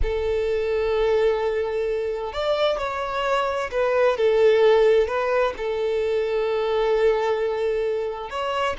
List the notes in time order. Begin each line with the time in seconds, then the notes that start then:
0.02 A4
2.32 D5
2.78 C#5
3.71 B4
4.17 A4
5.07 B4
5.57 A4
8.30 C#5